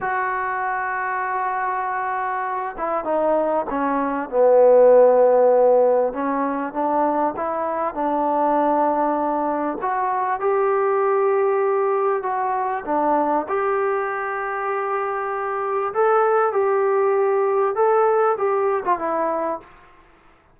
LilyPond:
\new Staff \with { instrumentName = "trombone" } { \time 4/4 \tempo 4 = 98 fis'1~ | fis'8 e'8 dis'4 cis'4 b4~ | b2 cis'4 d'4 | e'4 d'2. |
fis'4 g'2. | fis'4 d'4 g'2~ | g'2 a'4 g'4~ | g'4 a'4 g'8. f'16 e'4 | }